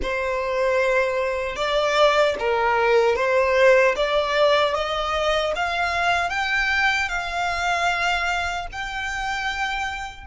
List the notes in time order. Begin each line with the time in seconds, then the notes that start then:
0.02 C5
1.56 D5
2.39 A#4
3.16 C5
3.96 D5
4.74 D#5
5.55 F5
6.29 G5
7.08 F5
8.72 G5